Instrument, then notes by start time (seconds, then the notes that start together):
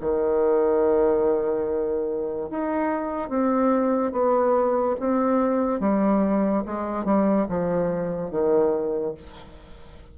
bassoon
0.00 D#3
2.50 D#4
3.29 C4
4.12 B3
4.99 C4
5.80 G3
6.65 G#3
7.04 G3
7.48 F3
8.30 D#3